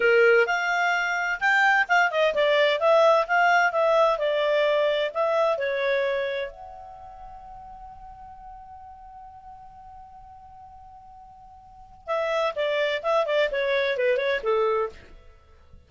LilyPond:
\new Staff \with { instrumentName = "clarinet" } { \time 4/4 \tempo 4 = 129 ais'4 f''2 g''4 | f''8 dis''8 d''4 e''4 f''4 | e''4 d''2 e''4 | cis''2 fis''2~ |
fis''1~ | fis''1~ | fis''2 e''4 d''4 | e''8 d''8 cis''4 b'8 cis''8 a'4 | }